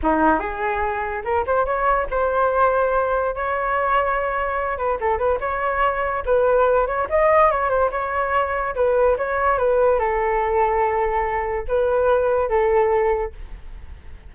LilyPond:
\new Staff \with { instrumentName = "flute" } { \time 4/4 \tempo 4 = 144 dis'4 gis'2 ais'8 c''8 | cis''4 c''2. | cis''2.~ cis''8 b'8 | a'8 b'8 cis''2 b'4~ |
b'8 cis''8 dis''4 cis''8 c''8 cis''4~ | cis''4 b'4 cis''4 b'4 | a'1 | b'2 a'2 | }